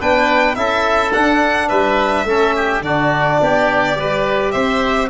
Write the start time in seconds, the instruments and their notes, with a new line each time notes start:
0.00 tuba B3, trombone D4, oboe B4, violin G5
0.55 tuba C#4, trombone E4, oboe A4, violin E5
1.12 trombone D4, tuba D4, violin F#5
1.68 tuba G3, oboe B4, violin E5
2.24 tuba A3, trombone C#4, oboe A4
2.55 oboe G4
2.81 tuba D3, trombone D4, oboe F#4, violin D5
3.41 tuba B3, oboe G4
3.96 tuba G3, trombone G4, oboe B4
4.52 tuba C4, oboe C5, violin E5